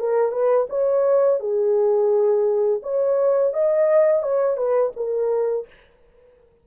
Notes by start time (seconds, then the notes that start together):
0.00 A#4
0.32 B4
0.69 C#5
1.40 G#4
2.83 C#5
3.54 D#5
4.23 C#5
4.57 B4
4.96 A#4